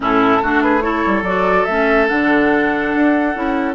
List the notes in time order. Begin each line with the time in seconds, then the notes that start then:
0.00 A2 C#4 E4 A4
0.42 A3 D4 F#4
0.62 G#4 B4
0.81 E4 A4 C#5
1.05 G3
1.22 F#3 F#4 D5
1.64 A3 C#4 E5
2.08 D3 D4 F#5
2.94 D4
3.34 C#4 E4